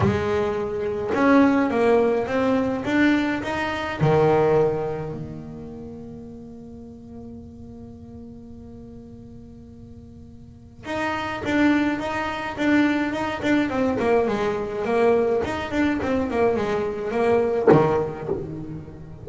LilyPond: \new Staff \with { instrumentName = "double bass" } { \time 4/4 \tempo 4 = 105 gis2 cis'4 ais4 | c'4 d'4 dis'4 dis4~ | dis4 ais2.~ | ais1~ |
ais2. dis'4 | d'4 dis'4 d'4 dis'8 d'8 | c'8 ais8 gis4 ais4 dis'8 d'8 | c'8 ais8 gis4 ais4 dis4 | }